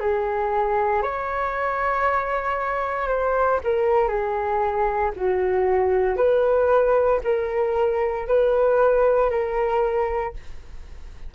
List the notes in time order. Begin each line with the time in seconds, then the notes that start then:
0.00 G#4
1.03 C#5
3.08 C5
3.64 A#4
4.08 G#4
5.17 F#4
6.17 B4
7.24 A#4
8.28 B4
9.31 A#4